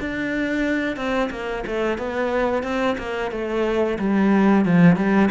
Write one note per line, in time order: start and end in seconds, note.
0.00 0.96 D4
0.96 1.29 C4
1.30 1.64 A#3
1.67 1.98 A3
1.98 2.63 B3
2.63 2.96 C4
2.98 3.31 A#3
3.31 3.98 A3
3.99 4.65 G3
4.65 4.96 F3
4.96 5.29 G3